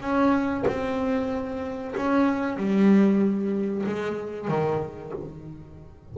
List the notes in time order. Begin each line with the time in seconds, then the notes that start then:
0.00 C#4
0.67 C4
1.96 C#4
2.56 G3
3.86 G#3
4.48 D#3